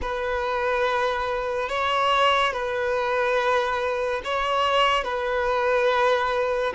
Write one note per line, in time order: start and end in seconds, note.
0.01 1.69 B4
1.69 2.52 C#5
2.52 4.21 B4
4.24 5.04 C#5
5.04 6.73 B4